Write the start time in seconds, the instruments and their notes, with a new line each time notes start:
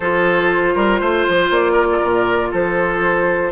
0.00 bassoon F3, clarinet F4, oboe A4, flute C5
0.74 bassoon G3, oboe A#4
1.00 bassoon A3, oboe C5
1.28 bassoon F3
1.50 bassoon A#3, flute D5
1.72 oboe A#4
1.91 oboe A4
1.98 bassoon A#2, oboe A#4
2.51 bassoon F3, oboe A4, flute C5